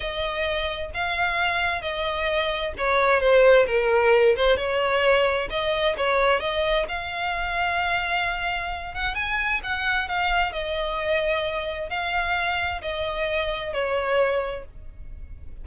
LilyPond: \new Staff \with { instrumentName = "violin" } { \time 4/4 \tempo 4 = 131 dis''2 f''2 | dis''2 cis''4 c''4 | ais'4. c''8 cis''2 | dis''4 cis''4 dis''4 f''4~ |
f''2.~ f''8 fis''8 | gis''4 fis''4 f''4 dis''4~ | dis''2 f''2 | dis''2 cis''2 | }